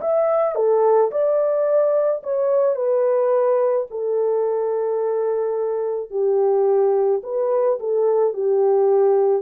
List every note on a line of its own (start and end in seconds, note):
0.00 0.55 E5
0.55 1.11 A4
1.11 2.22 D5
2.23 2.75 C#5
2.75 3.86 B4
3.90 6.10 A4
6.10 7.21 G4
7.23 7.78 B4
7.79 8.33 A4
8.33 9.42 G4